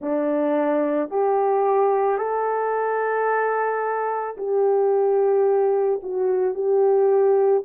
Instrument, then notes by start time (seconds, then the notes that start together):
horn
0.01 D4
1.10 G4
2.18 A4
4.37 G4
6.02 F#4
6.54 G4